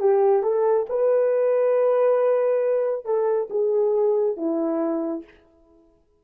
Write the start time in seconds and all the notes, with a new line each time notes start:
0.00 G4
0.43 A4
0.89 B4
3.05 A4
3.50 G#4
4.37 E4